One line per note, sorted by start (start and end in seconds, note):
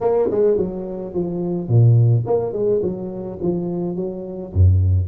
0.01 0.29 A#3
0.30 0.57 G#3
0.57 1.13 F#3
1.13 1.68 F3
1.68 2.25 A#2
2.26 2.52 A#3
2.52 2.81 G#3
2.82 3.38 F#3
3.41 3.96 F3
3.96 4.52 F#3
4.53 5.08 F#2